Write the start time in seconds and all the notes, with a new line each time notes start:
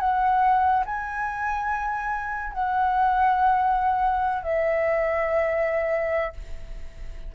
0.00 F#5
0.86 G#5
2.53 F#5
4.43 E5